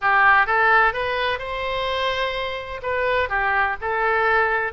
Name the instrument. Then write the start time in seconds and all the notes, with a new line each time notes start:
oboe
0.01 G4
0.46 A4
0.93 B4
1.39 C5
2.82 B4
3.29 G4
3.81 A4